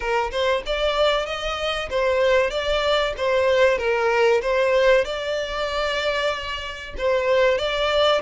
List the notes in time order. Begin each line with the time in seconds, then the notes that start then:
0.00 A#4
0.31 C5
0.66 D5
1.26 D#5
1.90 C5
2.50 D5
3.17 C5
3.78 A#4
4.41 C5
5.04 D5
6.97 C5
7.58 D5